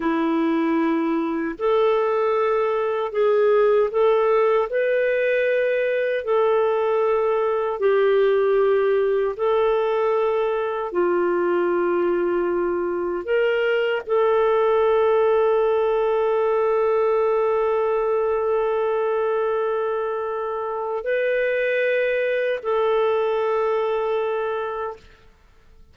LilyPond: \new Staff \with { instrumentName = "clarinet" } { \time 4/4 \tempo 4 = 77 e'2 a'2 | gis'4 a'4 b'2 | a'2 g'2 | a'2 f'2~ |
f'4 ais'4 a'2~ | a'1~ | a'2. b'4~ | b'4 a'2. | }